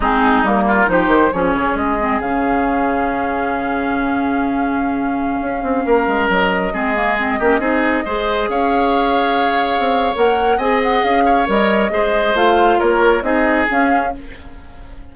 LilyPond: <<
  \new Staff \with { instrumentName = "flute" } { \time 4/4 \tempo 4 = 136 gis'4 ais'4 c''4 cis''4 | dis''4 f''2.~ | f''1~ | f''2~ f''16 dis''4.~ dis''16~ |
dis''2.~ dis''16 f''8.~ | f''2. fis''4 | gis''8 fis''8 f''4 dis''2 | f''4 cis''4 dis''4 f''4 | }
  \new Staff \with { instrumentName = "oboe" } { \time 4/4 dis'4. f'8 g'4 gis'4~ | gis'1~ | gis'1~ | gis'4~ gis'16 ais'2 gis'8.~ |
gis'8. g'8 gis'4 c''4 cis''8.~ | cis''1 | dis''4. cis''4. c''4~ | c''4 ais'4 gis'2 | }
  \new Staff \with { instrumentName = "clarinet" } { \time 4/4 c'4 ais4 dis'4 cis'4~ | cis'8 c'8 cis'2.~ | cis'1~ | cis'2.~ cis'16 c'8 ais16~ |
ais16 c'8 cis'8 dis'4 gis'4.~ gis'16~ | gis'2. ais'4 | gis'2 ais'4 gis'4 | f'2 dis'4 cis'4 | }
  \new Staff \with { instrumentName = "bassoon" } { \time 4/4 gis4 g4 f8 dis8 f8 cis8 | gis4 cis2.~ | cis1~ | cis16 cis'8 c'8 ais8 gis8 fis4 gis8.~ |
gis8. ais8 c'4 gis4 cis'8.~ | cis'2~ cis'16 c'8. ais4 | c'4 cis'4 g4 gis4 | a4 ais4 c'4 cis'4 | }
>>